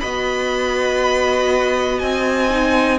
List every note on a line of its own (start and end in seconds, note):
0.00 2.01 B3
0.00 2.49 F#4
0.00 2.99 D#5
0.00 1.98 B5
1.98 2.99 C4
1.98 2.98 G#5
2.49 2.99 D#4